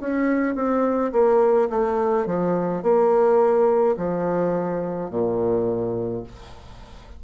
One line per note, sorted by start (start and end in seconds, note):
0.00 0.55 C#4
0.55 1.12 C4
1.12 1.69 A#3
1.70 2.26 A3
2.26 2.83 F3
2.83 3.96 A#3
3.97 5.10 F3
5.10 6.23 A#2